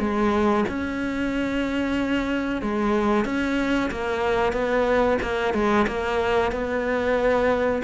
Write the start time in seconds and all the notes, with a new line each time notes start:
0.00 G#3
0.69 C#4
2.62 G#3
3.25 C#4
3.92 A#3
4.53 B3
5.23 A#3
5.54 G#3
5.88 A#3
6.52 B3